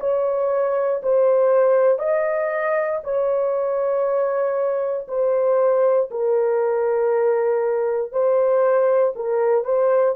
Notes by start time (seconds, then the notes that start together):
0.00 C#5
1.03 C5
1.99 D#5
3.04 C#5
5.08 C5
6.11 A#4
8.12 C5
9.16 A#4
9.64 C5